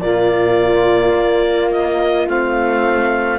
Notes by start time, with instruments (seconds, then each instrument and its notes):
0.00 cello A#2, trombone A#3, flute F4, clarinet D5
1.14 cello A#3
1.71 clarinet D#5
2.27 cello A3, trombone C4, clarinet F5